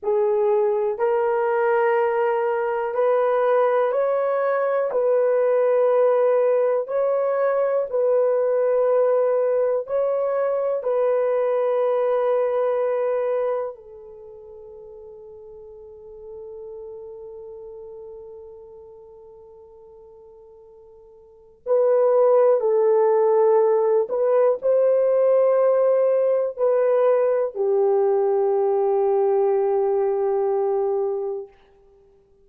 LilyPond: \new Staff \with { instrumentName = "horn" } { \time 4/4 \tempo 4 = 61 gis'4 ais'2 b'4 | cis''4 b'2 cis''4 | b'2 cis''4 b'4~ | b'2 a'2~ |
a'1~ | a'2 b'4 a'4~ | a'8 b'8 c''2 b'4 | g'1 | }